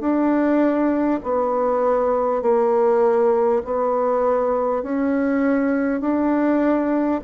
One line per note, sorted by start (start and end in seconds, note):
0.00 1.20 D4
1.24 2.42 B3
2.42 3.62 A#3
3.65 4.83 B3
4.83 6.01 C#4
6.01 7.21 D4